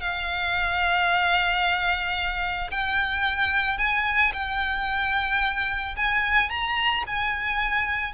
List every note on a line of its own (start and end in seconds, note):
0.00 2.70 F5
2.71 3.78 G5
3.78 4.32 G#5
4.33 5.95 G5
5.96 6.49 G#5
6.49 7.03 A#5
7.07 8.13 G#5